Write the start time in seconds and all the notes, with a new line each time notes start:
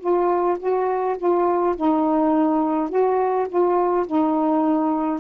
0.00 F4
0.59 F#4
1.18 F4
1.76 D#4
2.90 F#4
3.49 F4
4.06 D#4